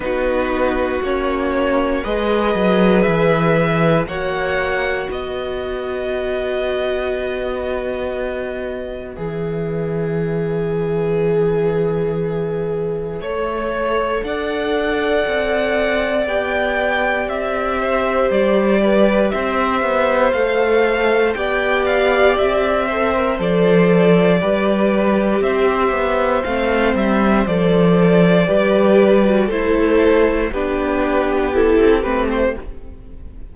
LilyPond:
<<
  \new Staff \with { instrumentName = "violin" } { \time 4/4 \tempo 4 = 59 b'4 cis''4 dis''4 e''4 | fis''4 dis''2.~ | dis''4 e''2.~ | e''2 fis''2 |
g''4 e''4 d''4 e''4 | f''4 g''8 f''8 e''4 d''4~ | d''4 e''4 f''8 e''8 d''4~ | d''4 c''4 b'4 a'8 b'16 c''16 | }
  \new Staff \with { instrumentName = "violin" } { \time 4/4 fis'2 b'2 | cis''4 b'2.~ | b'1~ | b'4 cis''4 d''2~ |
d''4. c''4 b'8 c''4~ | c''4 d''4. c''4. | b'4 c''2. | b'4 a'4 g'2 | }
  \new Staff \with { instrumentName = "viola" } { \time 4/4 dis'4 cis'4 gis'2 | fis'1~ | fis'4 gis'2.~ | gis'4 a'2. |
g'1 | a'4 g'4. a'16 ais'16 a'4 | g'2 c'4 a'4 | g'8. fis'16 e'4 d'4 e'8 c'8 | }
  \new Staff \with { instrumentName = "cello" } { \time 4/4 b4 ais4 gis8 fis8 e4 | ais4 b2.~ | b4 e2.~ | e4 a4 d'4 c'4 |
b4 c'4 g4 c'8 b8 | a4 b4 c'4 f4 | g4 c'8 b8 a8 g8 f4 | g4 a4 b4~ b16 c'16 a8 | }
>>